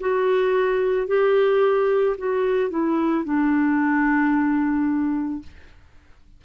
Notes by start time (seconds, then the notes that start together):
0.00 F#4
1.08 G4
2.18 F#4
2.70 E4
3.24 D4